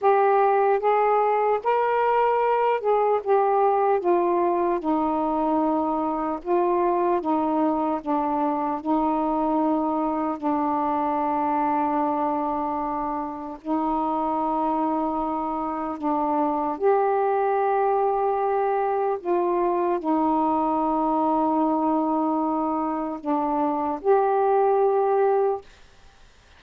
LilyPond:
\new Staff \with { instrumentName = "saxophone" } { \time 4/4 \tempo 4 = 75 g'4 gis'4 ais'4. gis'8 | g'4 f'4 dis'2 | f'4 dis'4 d'4 dis'4~ | dis'4 d'2.~ |
d'4 dis'2. | d'4 g'2. | f'4 dis'2.~ | dis'4 d'4 g'2 | }